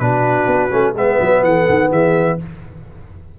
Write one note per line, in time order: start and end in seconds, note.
0.00 0.47 B2
0.00 0.71 D4
0.00 0.95 F#4
0.00 0.94 B4
0.47 0.70 B3
0.71 0.94 A3
0.71 0.94 C#4
0.94 1.18 G#3
0.94 2.39 B3
0.94 1.45 B4
0.94 1.44 E5
1.21 1.43 F#3
1.43 1.67 E3
1.43 1.91 A4
1.43 1.91 F#5
1.69 1.92 D#3
1.91 2.39 E3
1.91 2.38 G#4
1.91 2.40 E5